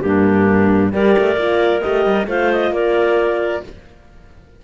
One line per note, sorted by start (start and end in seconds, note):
0.00 0.93 G2
0.00 0.91 A#3
0.00 0.92 D4
0.00 0.90 G4
0.91 1.16 G3
0.91 1.36 G4
0.91 2.27 A#4
0.91 1.80 D5
1.18 1.36 A3
1.36 1.81 A#3
1.36 1.81 F4
1.80 2.05 A3
1.80 2.26 G4
1.80 2.26 D#5
2.05 2.27 G3
2.27 2.70 A3
2.27 3.63 F4
2.27 2.73 C5
2.27 2.52 F5
2.52 2.73 D#5
2.70 3.60 A#3
2.70 3.63 A#4
2.70 3.64 D5